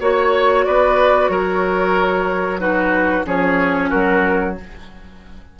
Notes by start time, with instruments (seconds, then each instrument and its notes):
0.00 bassoon A#3, clarinet F#4, oboe C#5, flute C#5
0.65 bassoon B3, oboe B4, flute D5
1.29 bassoon F#3, oboe A#4, flute C#5
2.59 clarinet D#4, oboe F#4, flute B4
3.25 bassoon F3, clarinet C#4, oboe G#4, flute C#5
3.89 bassoon F#3, oboe F#4, flute A#4